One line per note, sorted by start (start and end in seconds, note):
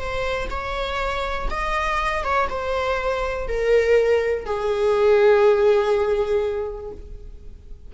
0.00 0.49 C5
0.51 1.49 C#5
1.51 2.24 D#5
2.24 2.49 C#5
2.50 3.49 C5
3.49 4.46 A#4
4.46 6.92 G#4